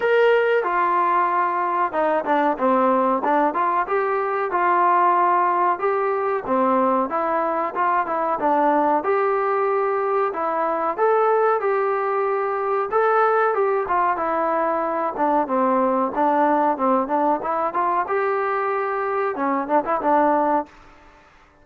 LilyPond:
\new Staff \with { instrumentName = "trombone" } { \time 4/4 \tempo 4 = 93 ais'4 f'2 dis'8 d'8 | c'4 d'8 f'8 g'4 f'4~ | f'4 g'4 c'4 e'4 | f'8 e'8 d'4 g'2 |
e'4 a'4 g'2 | a'4 g'8 f'8 e'4. d'8 | c'4 d'4 c'8 d'8 e'8 f'8 | g'2 cis'8 d'16 e'16 d'4 | }